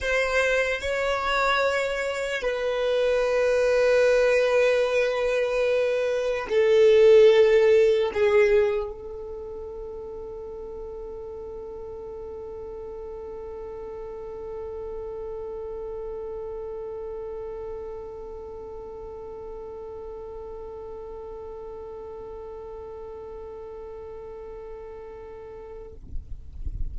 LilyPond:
\new Staff \with { instrumentName = "violin" } { \time 4/4 \tempo 4 = 74 c''4 cis''2 b'4~ | b'1 | a'2 gis'4 a'4~ | a'1~ |
a'1~ | a'1~ | a'1~ | a'1 | }